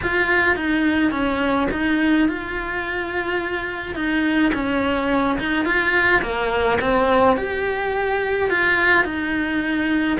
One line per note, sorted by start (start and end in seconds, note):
0.03 0.56 F4
0.56 1.11 D#4
1.11 1.67 C#4
1.71 2.28 D#4
2.28 3.95 F4
3.95 4.52 D#4
4.53 5.38 C#4
5.39 5.65 D#4
5.65 6.21 F4
6.22 6.78 A#3
6.81 7.36 C4
7.36 8.49 G4
8.49 9.04 F4
9.04 10.17 D#4